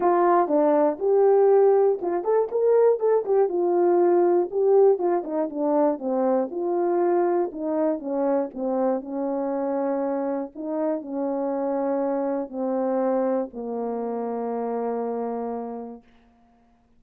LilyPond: \new Staff \with { instrumentName = "horn" } { \time 4/4 \tempo 4 = 120 f'4 d'4 g'2 | f'8 a'8 ais'4 a'8 g'8 f'4~ | f'4 g'4 f'8 dis'8 d'4 | c'4 f'2 dis'4 |
cis'4 c'4 cis'2~ | cis'4 dis'4 cis'2~ | cis'4 c'2 ais4~ | ais1 | }